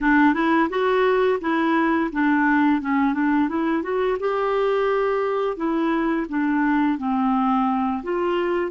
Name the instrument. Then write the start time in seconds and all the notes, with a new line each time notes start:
clarinet
0.00 D4
0.34 E4
0.69 F#4
1.40 E4
2.12 D4
2.81 C#4
3.13 D4
3.49 E4
3.82 F#4
4.19 G4
5.56 E4
6.28 D4
6.98 C4
8.03 F4